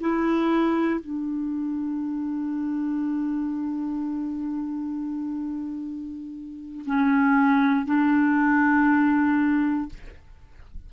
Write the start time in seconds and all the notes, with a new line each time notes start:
0.00 E4
1.00 D4
6.86 C#4
7.86 D4